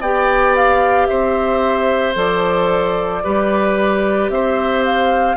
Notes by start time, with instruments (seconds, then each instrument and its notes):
0.00 bassoon B3, clarinet G4, oboe D5, flute G5
0.55 flute F5
1.06 bassoon C4, oboe C5, flute E5
2.14 bassoon F3, clarinet A4, flute D5
3.23 bassoon G3, clarinet G4, oboe B4
4.29 bassoon C4, oboe C5, flute E5
4.85 flute F5